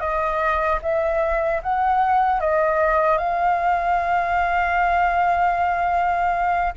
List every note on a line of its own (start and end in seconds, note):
0.00 0.79 D#5
0.82 1.61 E5
1.62 2.40 F#5
2.40 3.18 D#5
3.18 6.73 F5